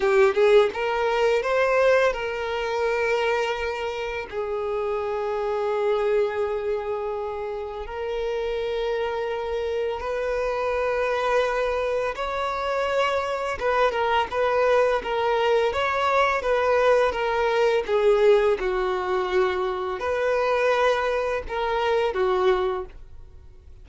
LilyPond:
\new Staff \with { instrumentName = "violin" } { \time 4/4 \tempo 4 = 84 g'8 gis'8 ais'4 c''4 ais'4~ | ais'2 gis'2~ | gis'2. ais'4~ | ais'2 b'2~ |
b'4 cis''2 b'8 ais'8 | b'4 ais'4 cis''4 b'4 | ais'4 gis'4 fis'2 | b'2 ais'4 fis'4 | }